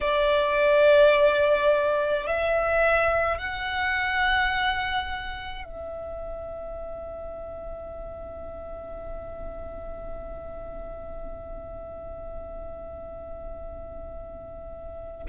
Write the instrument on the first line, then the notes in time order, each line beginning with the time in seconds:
violin
0.00 D5
2.26 E5
3.38 F#5
5.64 E5